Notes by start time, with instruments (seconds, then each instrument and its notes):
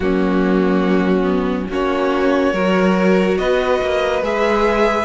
0.00 cello F#3, viola A#3, violin C#4 F#4
1.23 viola B3
1.69 cello A#3, viola C#4, violin F#4 C#5
2.53 cello F#3, viola F#4, violin A#4
3.37 cello B3, violin B4 D#5
3.81 cello A#3
4.22 cello G#3, viola G#4, violin E5